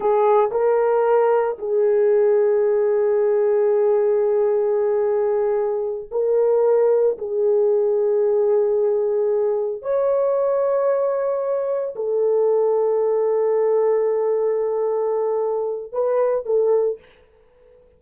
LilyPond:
\new Staff \with { instrumentName = "horn" } { \time 4/4 \tempo 4 = 113 gis'4 ais'2 gis'4~ | gis'1~ | gis'2.~ gis'8 ais'8~ | ais'4. gis'2~ gis'8~ |
gis'2~ gis'8 cis''4.~ | cis''2~ cis''8 a'4.~ | a'1~ | a'2 b'4 a'4 | }